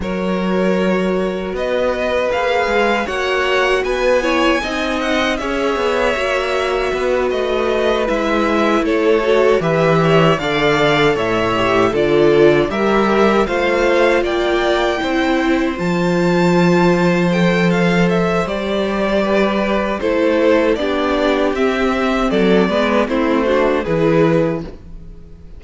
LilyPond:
<<
  \new Staff \with { instrumentName = "violin" } { \time 4/4 \tempo 4 = 78 cis''2 dis''4 f''4 | fis''4 gis''4. fis''8 e''4~ | e''4. dis''4 e''4 cis''8~ | cis''8 e''4 f''4 e''4 d''8~ |
d''8 e''4 f''4 g''4.~ | g''8 a''2 g''8 f''8 e''8 | d''2 c''4 d''4 | e''4 d''4 c''4 b'4 | }
  \new Staff \with { instrumentName = "violin" } { \time 4/4 ais'2 b'2 | cis''4 b'8 cis''8 dis''4 cis''4~ | cis''4 b'2~ b'8 a'8~ | a'8 b'8 cis''8 d''4 cis''4 a'8~ |
a'8 ais'4 c''4 d''4 c''8~ | c''1~ | c''4 b'4 a'4 g'4~ | g'4 a'8 b'8 e'8 fis'8 gis'4 | }
  \new Staff \with { instrumentName = "viola" } { \time 4/4 fis'2. gis'4 | fis'4. e'8 dis'4 gis'4 | fis'2~ fis'8 e'4. | fis'8 g'4 a'4. g'8 f'8~ |
f'8 g'4 f'2 e'8~ | e'8 f'2 a'4. | g'2 e'4 d'4 | c'4. b8 c'8 d'8 e'4 | }
  \new Staff \with { instrumentName = "cello" } { \time 4/4 fis2 b4 ais8 gis8 | ais4 b4 c'4 cis'8 b8 | ais4 b8 a4 gis4 a8~ | a8 e4 d4 a,4 d8~ |
d8 g4 a4 ais4 c'8~ | c'8 f2.~ f8 | g2 a4 b4 | c'4 fis8 gis8 a4 e4 | }
>>